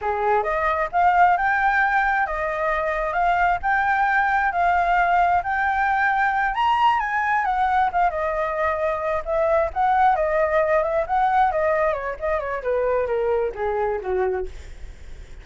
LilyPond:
\new Staff \with { instrumentName = "flute" } { \time 4/4 \tempo 4 = 133 gis'4 dis''4 f''4 g''4~ | g''4 dis''2 f''4 | g''2 f''2 | g''2~ g''8 ais''4 gis''8~ |
gis''8 fis''4 f''8 dis''2~ | dis''8 e''4 fis''4 dis''4. | e''8 fis''4 dis''4 cis''8 dis''8 cis''8 | b'4 ais'4 gis'4 fis'4 | }